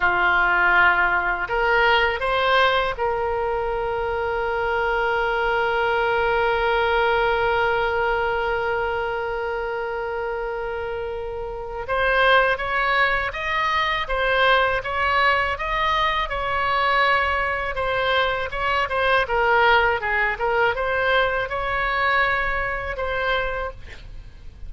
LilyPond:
\new Staff \with { instrumentName = "oboe" } { \time 4/4 \tempo 4 = 81 f'2 ais'4 c''4 | ais'1~ | ais'1~ | ais'1 |
c''4 cis''4 dis''4 c''4 | cis''4 dis''4 cis''2 | c''4 cis''8 c''8 ais'4 gis'8 ais'8 | c''4 cis''2 c''4 | }